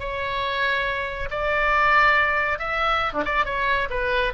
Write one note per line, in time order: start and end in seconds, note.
0.00 1.29 C#5
1.31 2.59 D5
2.59 3.13 E5
3.13 3.24 D4
3.25 3.46 D5
3.46 3.89 C#5
3.90 4.33 B4